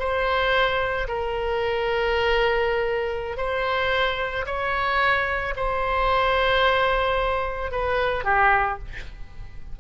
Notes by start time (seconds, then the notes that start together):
0.00 C5
1.08 A#4
3.38 C5
4.46 C#5
5.57 C5
7.72 B4
8.25 G4